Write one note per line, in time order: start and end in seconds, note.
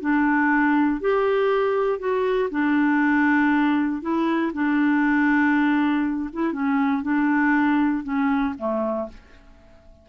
0.00 1.00 D4
1.00 1.99 G4
1.99 2.49 F#4
2.50 4.02 D4
4.02 4.52 E4
4.53 6.30 D4
6.33 6.52 E4
6.52 7.02 C#4
7.02 8.03 D4
8.03 8.54 C#4
8.58 9.08 A3